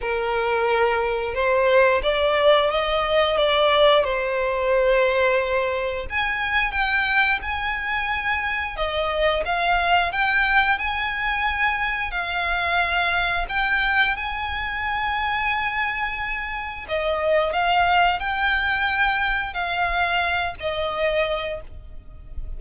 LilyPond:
\new Staff \with { instrumentName = "violin" } { \time 4/4 \tempo 4 = 89 ais'2 c''4 d''4 | dis''4 d''4 c''2~ | c''4 gis''4 g''4 gis''4~ | gis''4 dis''4 f''4 g''4 |
gis''2 f''2 | g''4 gis''2.~ | gis''4 dis''4 f''4 g''4~ | g''4 f''4. dis''4. | }